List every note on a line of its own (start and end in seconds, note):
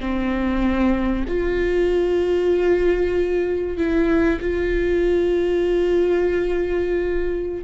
0.00 1.25 C4
1.28 3.78 F4
3.78 4.40 E4
4.41 7.64 F4